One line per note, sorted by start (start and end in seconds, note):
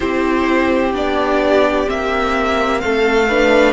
0.00 0.93 C4
0.00 0.93 E4
0.00 2.81 G4
0.00 0.93 C5
0.93 1.87 B3
0.93 1.86 D4
0.93 1.89 D5
1.86 2.83 A#3
1.86 3.26 C4
1.86 2.80 E5
2.80 3.73 A3
2.80 3.28 A4
2.80 3.73 F5
3.28 3.73 D4
3.28 3.73 B4